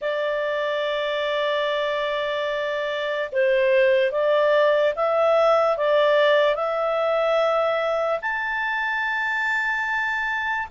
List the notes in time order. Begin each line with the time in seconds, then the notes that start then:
0.01 D5
3.31 C5
4.11 D5
4.95 E5
5.77 D5
6.55 E5
8.21 A5